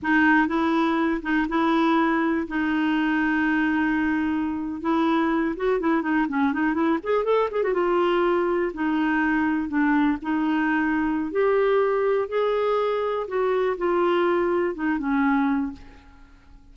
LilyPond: \new Staff \with { instrumentName = "clarinet" } { \time 4/4 \tempo 4 = 122 dis'4 e'4. dis'8 e'4~ | e'4 dis'2.~ | dis'4.~ dis'16 e'4. fis'8 e'16~ | e'16 dis'8 cis'8 dis'8 e'8 gis'8 a'8 gis'16 fis'16 f'16~ |
f'4.~ f'16 dis'2 d'16~ | d'8. dis'2~ dis'16 g'4~ | g'4 gis'2 fis'4 | f'2 dis'8 cis'4. | }